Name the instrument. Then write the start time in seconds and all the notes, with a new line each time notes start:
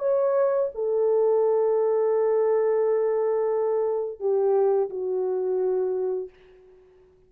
horn
0.00 C#5
0.75 A4
4.20 G4
4.91 F#4